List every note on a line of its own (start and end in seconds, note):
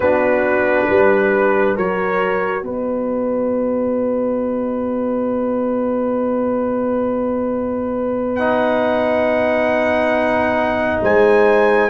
0.00 0.85 B3
0.00 1.78 D4
0.00 0.87 F#4
0.00 1.77 B4
0.87 1.77 G3
0.87 1.75 B4
1.75 2.62 F#3
1.75 8.39 F#4
1.75 2.64 A#4
1.75 2.63 C#5
2.62 11.00 B3
2.62 11.02 B4
2.62 8.35 D#5
8.35 11.90 D#4
8.35 11.00 F#5
11.02 11.90 G#3
11.02 11.90 C5
11.02 11.90 G#5